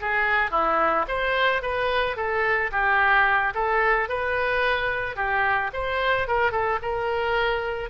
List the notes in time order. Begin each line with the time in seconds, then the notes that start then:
0.00 G#4
0.51 E4
1.08 C5
1.61 B4
2.16 A4
2.71 G4
3.54 A4
4.08 B4
5.16 G4
5.72 C5
6.27 A#4
6.51 A4
6.82 A#4